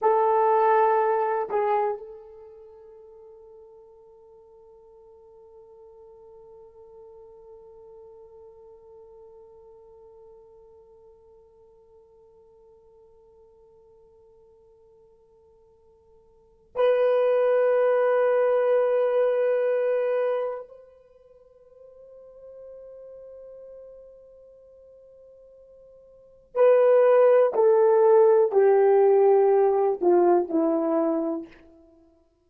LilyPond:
\new Staff \with { instrumentName = "horn" } { \time 4/4 \tempo 4 = 61 a'4. gis'8 a'2~ | a'1~ | a'1~ | a'1~ |
a'4 b'2.~ | b'4 c''2.~ | c''2. b'4 | a'4 g'4. f'8 e'4 | }